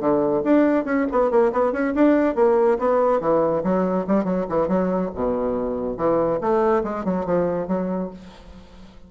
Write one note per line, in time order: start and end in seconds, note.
0.00 0.43 D3
0.44 0.85 D4
0.85 1.06 C#4
1.12 1.31 B3
1.31 1.52 A#3
1.52 1.73 B3
1.73 1.94 C#4
1.95 2.36 D4
2.36 2.78 A#3
2.79 3.20 B3
3.20 3.63 E3
3.64 4.06 F#3
4.07 4.25 G3
4.25 4.46 F#3
4.50 4.68 E3
4.68 5.11 F#3
5.15 5.97 B2
5.97 6.40 E3
6.41 6.84 A3
6.84 7.05 G#3
7.05 7.26 F#3
7.26 7.68 F3
7.68 8.10 F#3